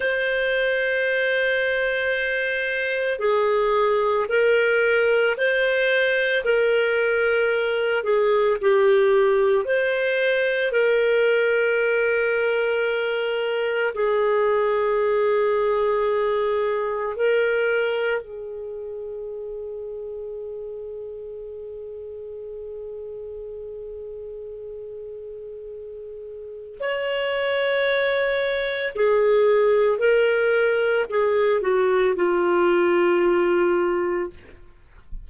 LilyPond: \new Staff \with { instrumentName = "clarinet" } { \time 4/4 \tempo 4 = 56 c''2. gis'4 | ais'4 c''4 ais'4. gis'8 | g'4 c''4 ais'2~ | ais'4 gis'2. |
ais'4 gis'2.~ | gis'1~ | gis'4 cis''2 gis'4 | ais'4 gis'8 fis'8 f'2 | }